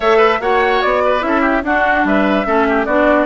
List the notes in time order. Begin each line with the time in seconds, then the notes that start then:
0.00 A3 A4 C#5 E5
0.17 B4
0.40 A#3 F#4 C#5 F#5
0.82 B3 D5
1.05 B4
1.20 C#4 E4 E5
1.27 A4
1.40 G4
1.63 D4 F#4 F#5
2.04 G3 B4 E5
2.45 A3 C#4 A4
2.68 G4
2.85 B3 D4 F#4 D5